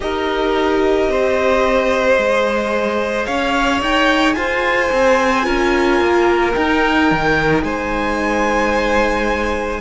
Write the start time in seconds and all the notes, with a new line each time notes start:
0.00 D#4 G4 A#4 D#5
1.08 C4 C5
2.17 G#3 G#4
3.25 C#4 C#5 F5
3.81 D#4 G5
4.33 F4 C5 G#5
4.92 C4
5.43 C#4 F4 A#4
6.00 A#3
6.54 D#4 G5
7.11 D#3
7.62 G#3 C5 G#5